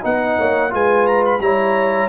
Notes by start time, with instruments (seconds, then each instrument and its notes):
0.00 tuba B3, trombone D#4, horn D#5, trumpet F#5
0.38 tuba A#3, horn C#5
0.70 tuba G#3, trombone F4, horn B4, trumpet G#5
1.06 trumpet A#5
1.25 trumpet B5
1.39 tuba G3, trombone E4, horn C#5, trumpet A#5